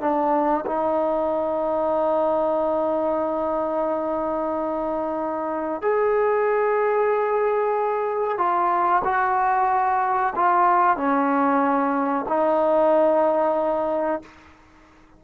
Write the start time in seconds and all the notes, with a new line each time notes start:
0.00 D4
0.66 D#4
5.82 G#4
8.38 F4
9.04 F#4
10.35 F4
10.96 C#4
12.28 D#4